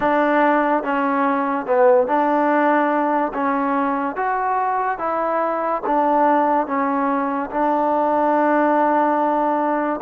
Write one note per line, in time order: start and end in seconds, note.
0.00 0.83 D4
0.83 1.66 C#4
1.66 2.07 B3
2.07 3.32 D4
3.33 4.16 C#4
4.16 4.98 F#4
4.98 5.81 E4
5.86 6.66 D4
6.66 7.50 C#4
7.50 10.00 D4